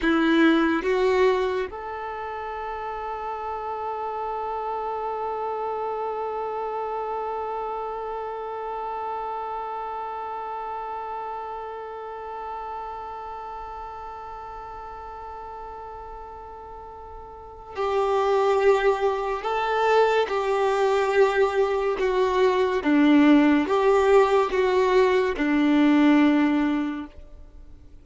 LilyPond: \new Staff \with { instrumentName = "violin" } { \time 4/4 \tempo 4 = 71 e'4 fis'4 a'2~ | a'1~ | a'1~ | a'1~ |
a'1~ | a'4 g'2 a'4 | g'2 fis'4 d'4 | g'4 fis'4 d'2 | }